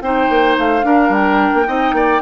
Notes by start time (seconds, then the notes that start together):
0.00 C4 D#4 C5 G5
0.29 A#3
0.58 A3 F5
0.82 D4 A#4
1.09 G3 G5
1.54 A#3
1.65 C4 D#4 D#5
1.92 A#3 D5